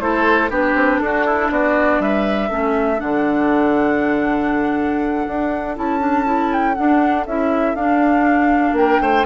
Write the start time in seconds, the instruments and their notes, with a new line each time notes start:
0.00 bassoon A3, clarinet E4, oboe A4, flute C5
0.50 bassoon B3, clarinet D4, oboe G4, flute B4
0.75 bassoon C4
0.99 bassoon D4, oboe F#4, flute A4
1.26 oboe E4
1.51 bassoon B3, oboe F#4, flute D5
1.99 bassoon G3, oboe B4, flute E5
2.49 bassoon A3, clarinet C#4, oboe A4
2.97 bassoon D3, clarinet D4, flute F#5
5.27 bassoon D4
5.75 bassoon C#4, clarinet E4, flute A5
5.99 clarinet D4
6.25 clarinet E4
6.53 flute G5
6.74 clarinet D4, bassoon D4, flute F#5
7.26 bassoon C#4, clarinet E4, flute E5
7.74 bassoon D4, clarinet D4, flute F5
8.72 bassoon A#3, oboe A#4, flute G5
9.01 bassoon A3, oboe C5